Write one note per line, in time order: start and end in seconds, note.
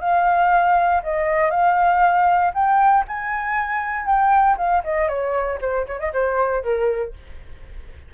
0.00 1.02 F5
1.03 1.50 D#5
1.50 2.52 F5
2.54 3.04 G5
3.07 4.06 G#5
4.06 4.57 G5
4.57 4.83 F5
4.84 5.08 D#5
5.08 5.59 C#5
5.61 5.86 C5
5.87 5.99 C#5
5.99 6.12 D#5
6.13 6.63 C5
6.63 7.13 A#4